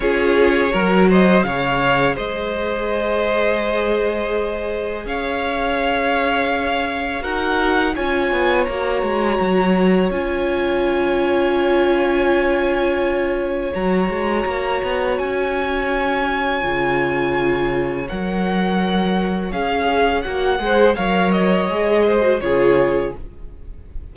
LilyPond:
<<
  \new Staff \with { instrumentName = "violin" } { \time 4/4 \tempo 4 = 83 cis''4. dis''8 f''4 dis''4~ | dis''2. f''4~ | f''2 fis''4 gis''4 | ais''2 gis''2~ |
gis''2. ais''4~ | ais''4 gis''2.~ | gis''4 fis''2 f''4 | fis''4 f''8 dis''4. cis''4 | }
  \new Staff \with { instrumentName = "violin" } { \time 4/4 gis'4 ais'8 c''8 cis''4 c''4~ | c''2. cis''4~ | cis''2 ais'4 cis''4~ | cis''1~ |
cis''1~ | cis''1~ | cis''1~ | cis''8 c''8 cis''4. c''8 gis'4 | }
  \new Staff \with { instrumentName = "viola" } { \time 4/4 f'4 fis'4 gis'2~ | gis'1~ | gis'2 fis'4 f'4 | fis'2 f'2~ |
f'2. fis'4~ | fis'2. f'4~ | f'4 ais'2 gis'4 | fis'8 gis'8 ais'4 gis'8. fis'16 f'4 | }
  \new Staff \with { instrumentName = "cello" } { \time 4/4 cis'4 fis4 cis4 gis4~ | gis2. cis'4~ | cis'2 dis'4 cis'8 b8 | ais8 gis8 fis4 cis'2~ |
cis'2. fis8 gis8 | ais8 b8 cis'2 cis4~ | cis4 fis2 cis'4 | ais8 gis8 fis4 gis4 cis4 | }
>>